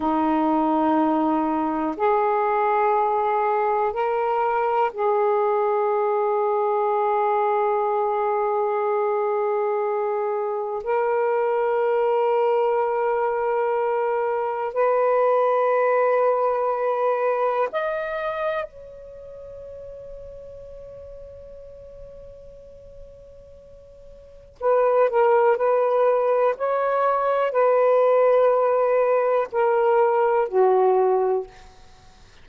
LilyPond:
\new Staff \with { instrumentName = "saxophone" } { \time 4/4 \tempo 4 = 61 dis'2 gis'2 | ais'4 gis'2.~ | gis'2. ais'4~ | ais'2. b'4~ |
b'2 dis''4 cis''4~ | cis''1~ | cis''4 b'8 ais'8 b'4 cis''4 | b'2 ais'4 fis'4 | }